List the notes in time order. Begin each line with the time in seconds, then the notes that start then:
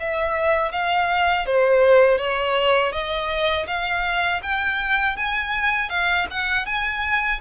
0.00 E5
0.72 F5
1.46 C5
2.19 C#5
2.93 D#5
3.67 F5
4.43 G5
5.17 G#5
5.90 F5
6.31 F#5
6.66 G#5